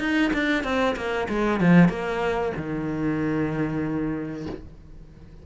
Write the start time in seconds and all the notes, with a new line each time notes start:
0.00 D#4
0.33 D4
0.64 C4
0.96 A#3
1.29 G#3
1.60 F3
1.89 A#3
2.57 D#3